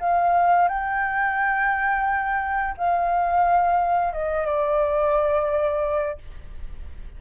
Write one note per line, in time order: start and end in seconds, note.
0.00 0.68 F5
0.68 2.75 G5
2.77 4.13 F5
4.13 4.46 D#5
4.46 6.18 D5